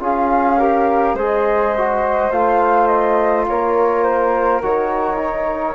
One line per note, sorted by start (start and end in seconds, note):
0.00 1.14 C#4
0.00 0.58 F4
0.00 0.59 G#4
0.00 1.18 F5
0.59 1.17 G4
0.59 1.16 A#4
1.14 2.30 G#3
1.14 1.76 G#4
1.14 3.46 C5
1.14 2.32 D#5
1.78 2.32 F#4
2.32 3.48 A3
2.32 4.63 F4
2.32 2.87 F5
2.87 3.45 D#5
3.48 4.63 A#3
3.48 5.75 A#4
3.48 4.04 C#5
4.04 4.61 C5
4.63 5.75 D#3
4.63 5.18 F#4
4.63 5.75 C#5
5.18 5.75 D#4